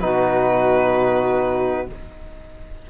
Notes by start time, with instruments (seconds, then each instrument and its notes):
0.00 cello B2, trombone D#4, saxophone F#4, violin B4